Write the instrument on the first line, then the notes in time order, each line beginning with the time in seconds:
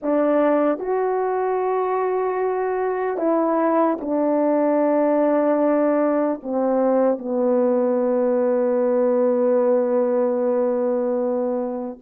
horn
0.02 D4
0.79 F#4
3.17 E4
4.00 D4
6.42 C4
7.18 B3